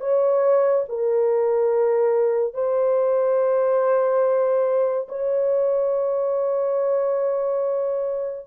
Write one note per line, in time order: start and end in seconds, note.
0.00 0.85 C#5
0.89 2.54 A#4
2.54 5.07 C5
5.09 8.47 C#5